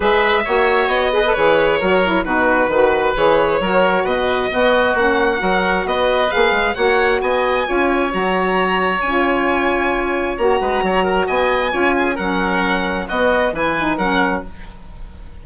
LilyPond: <<
  \new Staff \with { instrumentName = "violin" } { \time 4/4 \tempo 4 = 133 e''2 dis''4 cis''4~ | cis''4 b'2 cis''4~ | cis''4 dis''2 fis''4~ | fis''4 dis''4 f''4 fis''4 |
gis''2 ais''2 | gis''2. ais''4~ | ais''4 gis''2 fis''4~ | fis''4 dis''4 gis''4 fis''4 | }
  \new Staff \with { instrumentName = "oboe" } { \time 4/4 b'4 cis''4. b'4. | ais'4 fis'4 b'2 | ais'4 b'4 fis'2 | ais'4 b'2 cis''4 |
dis''4 cis''2.~ | cis''2.~ cis''8 b'8 | cis''8 ais'8 dis''4 cis''8 gis'8 ais'4~ | ais'4 fis'4 b'4 ais'4 | }
  \new Staff \with { instrumentName = "saxophone" } { \time 4/4 gis'4 fis'4. gis'16 a'16 gis'4 | fis'8 e'8 dis'4 fis'4 gis'4 | fis'2 b4 cis'4 | fis'2 gis'4 fis'4~ |
fis'4 f'4 fis'2 | f'2. fis'4~ | fis'2 f'4 cis'4~ | cis'4 b4 e'8 dis'8 cis'4 | }
  \new Staff \with { instrumentName = "bassoon" } { \time 4/4 gis4 ais4 b4 e4 | fis4 b,4 dis4 e4 | fis4 b,4 b4 ais4 | fis4 b4 ais8 gis8 ais4 |
b4 cis'4 fis2 | cis'2. ais8 gis8 | fis4 b4 cis'4 fis4~ | fis4 b4 e4 fis4 | }
>>